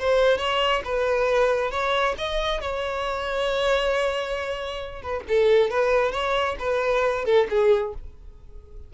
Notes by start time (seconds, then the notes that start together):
0.00 C5
0.38 C#5
0.85 B4
1.71 C#5
2.18 D#5
2.61 C#5
5.03 B4
5.29 A4
5.71 B4
6.12 C#5
6.60 B4
7.26 A4
7.50 G#4